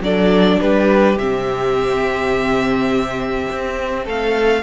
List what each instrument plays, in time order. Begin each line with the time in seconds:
0.00 cello F#3, viola D4, violin A4 D5
0.59 cello G3, violin G4 B4
1.16 cello C3, viola C4, violin E5
3.52 cello C4
4.04 cello A3, violin A4 F5